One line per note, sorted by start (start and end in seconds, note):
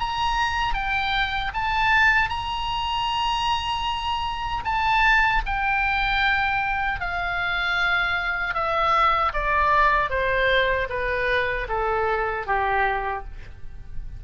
0.00 0.74 A#5
0.74 1.52 G5
1.54 2.30 A5
2.30 4.63 A#5
4.64 5.42 A5
5.46 7.00 G5
7.00 8.54 F5
8.54 9.32 E5
9.33 10.10 D5
10.10 10.88 C5
10.89 11.67 B4
11.68 12.46 A4
12.46 13.24 G4